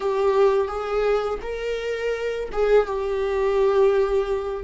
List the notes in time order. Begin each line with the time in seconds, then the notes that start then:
0.00 G4
0.68 G#4
1.42 A#4
2.52 G#4
2.86 G4